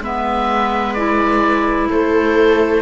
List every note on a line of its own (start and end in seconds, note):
0.00 1.88 G#3
0.00 0.97 B3
0.00 1.90 B4
0.00 0.94 E5
0.94 2.82 E4
0.94 1.88 D5
1.90 2.82 A3
1.90 2.82 A4
1.90 2.82 C5